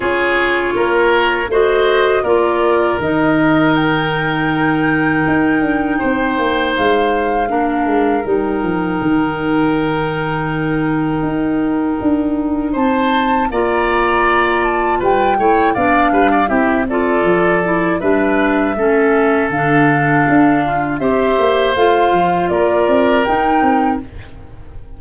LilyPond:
<<
  \new Staff \with { instrumentName = "flute" } { \time 4/4 \tempo 4 = 80 cis''2 dis''4 d''4 | dis''4 g''2.~ | g''4 f''2 g''4~ | g''1~ |
g''4 a''4 ais''4. a''8 | g''4 f''4 e''8 d''4. | e''2 f''2 | e''4 f''4 d''4 g''4 | }
  \new Staff \with { instrumentName = "oboe" } { \time 4/4 gis'4 ais'4 c''4 ais'4~ | ais'1 | c''2 ais'2~ | ais'1~ |
ais'4 c''4 d''2 | b'8 cis''8 d''8 b'16 d''16 g'8 a'4. | b'4 a'2~ a'8 f'8 | c''2 ais'2 | }
  \new Staff \with { instrumentName = "clarinet" } { \time 4/4 f'2 fis'4 f'4 | dis'1~ | dis'2 d'4 dis'4~ | dis'1~ |
dis'2 f'2~ | f'8 e'8 d'4 e'8 f'4 e'8 | d'4 cis'4 d'2 | g'4 f'2 dis'4 | }
  \new Staff \with { instrumentName = "tuba" } { \time 4/4 cis'4 ais4 a4 ais4 | dis2. dis'8 d'8 | c'8 ais8 gis4 ais8 gis8 g8 f8 | dis2. dis'4 |
d'4 c'4 ais2 | g8 a8 b8 g8 c'4 f4 | g4 a4 d4 d'4 | c'8 ais8 a8 f8 ais8 c'8 dis'8 c'8 | }
>>